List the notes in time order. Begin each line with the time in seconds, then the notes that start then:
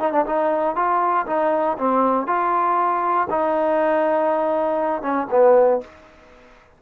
0.00 D#4
0.13 D4
0.26 D#4
0.76 F4
1.27 D#4
1.78 C4
2.27 F4
3.30 D#4
5.02 C#4
5.31 B3